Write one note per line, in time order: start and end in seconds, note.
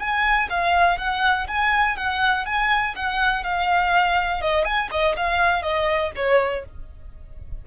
0.00 0.49 G#5
0.50 0.98 F5
0.98 1.48 F#5
1.48 1.97 G#5
1.97 2.46 F#5
2.46 2.95 G#5
2.96 3.44 F#5
3.44 4.42 F5
4.42 4.65 D#5
4.65 4.90 G#5
4.92 5.16 D#5
5.17 5.63 F5
5.63 6.12 D#5
6.16 6.65 C#5